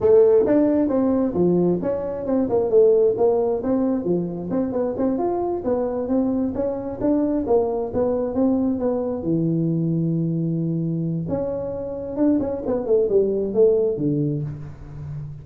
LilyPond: \new Staff \with { instrumentName = "tuba" } { \time 4/4 \tempo 4 = 133 a4 d'4 c'4 f4 | cis'4 c'8 ais8 a4 ais4 | c'4 f4 c'8 b8 c'8 f'8~ | f'8 b4 c'4 cis'4 d'8~ |
d'8 ais4 b4 c'4 b8~ | b8 e2.~ e8~ | e4 cis'2 d'8 cis'8 | b8 a8 g4 a4 d4 | }